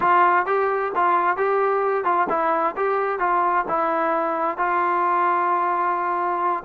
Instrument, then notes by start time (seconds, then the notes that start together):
trombone
0.00 F4
0.46 G4
0.95 F4
1.36 G4
2.04 F4
2.29 E4
2.76 G4
3.19 F4
3.68 E4
4.57 F4